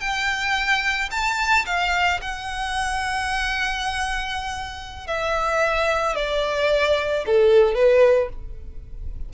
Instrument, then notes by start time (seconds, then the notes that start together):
violin
0.00 G5
1.11 A5
1.66 F5
2.21 F#5
5.07 E5
6.15 D5
7.26 A4
7.74 B4